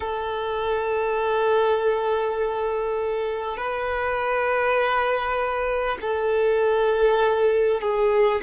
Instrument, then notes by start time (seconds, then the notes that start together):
violin
0.00 A4
3.57 B4
6.01 A4
7.81 G#4